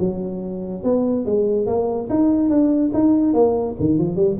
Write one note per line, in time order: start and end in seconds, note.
0.00 0.84 F#3
0.84 1.26 B3
1.26 1.67 G#3
1.67 2.09 A#3
2.10 2.50 D#4
2.50 2.92 D4
2.94 3.34 D#4
3.34 3.76 A#3
3.80 3.99 D#3
3.99 4.16 F3
4.16 4.37 G3